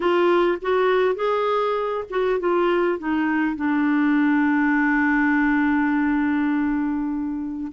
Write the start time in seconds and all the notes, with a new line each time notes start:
0.00 F4
0.61 F#4
1.15 G#4
2.10 F#4
2.39 F4
2.99 D#4
3.56 D4